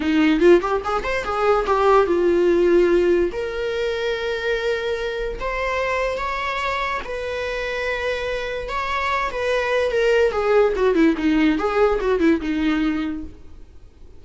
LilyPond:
\new Staff \with { instrumentName = "viola" } { \time 4/4 \tempo 4 = 145 dis'4 f'8 g'8 gis'8 c''8 gis'4 | g'4 f'2. | ais'1~ | ais'4 c''2 cis''4~ |
cis''4 b'2.~ | b'4 cis''4. b'4. | ais'4 gis'4 fis'8 e'8 dis'4 | gis'4 fis'8 e'8 dis'2 | }